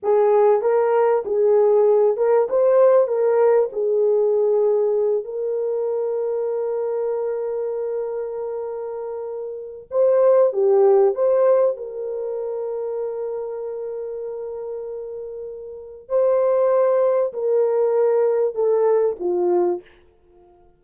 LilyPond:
\new Staff \with { instrumentName = "horn" } { \time 4/4 \tempo 4 = 97 gis'4 ais'4 gis'4. ais'8 | c''4 ais'4 gis'2~ | gis'8 ais'2.~ ais'8~ | ais'1 |
c''4 g'4 c''4 ais'4~ | ais'1~ | ais'2 c''2 | ais'2 a'4 f'4 | }